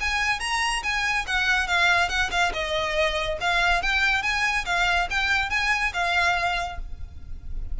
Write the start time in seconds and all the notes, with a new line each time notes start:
0.00 G#5
0.39 A#5
0.83 G#5
1.26 F#5
1.67 F5
2.09 F#5
2.31 F5
2.53 D#5
3.40 F5
3.82 G5
4.22 G#5
4.65 F5
5.10 G5
5.50 G#5
5.93 F5